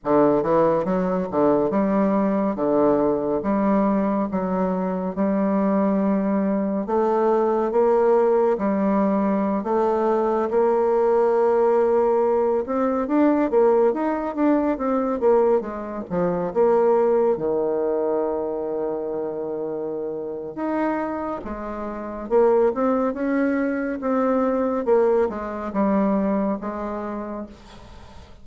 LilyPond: \new Staff \with { instrumentName = "bassoon" } { \time 4/4 \tempo 4 = 70 d8 e8 fis8 d8 g4 d4 | g4 fis4 g2 | a4 ais4 g4~ g16 a8.~ | a16 ais2~ ais8 c'8 d'8 ais16~ |
ais16 dis'8 d'8 c'8 ais8 gis8 f8 ais8.~ | ais16 dis2.~ dis8. | dis'4 gis4 ais8 c'8 cis'4 | c'4 ais8 gis8 g4 gis4 | }